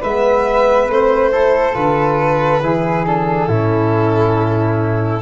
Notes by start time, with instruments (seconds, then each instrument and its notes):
0.00 tuba G#3, trombone B3, flute B4, violin E5
0.88 tuba A3, trombone C4, violin C5
1.32 trombone E4, flute A4
1.73 tuba D3, trombone F4, violin B4
2.61 tuba E3, trombone E4, flute G#4
3.06 trombone D4, violin A4
3.48 tuba A2, trombone C#4, flute E4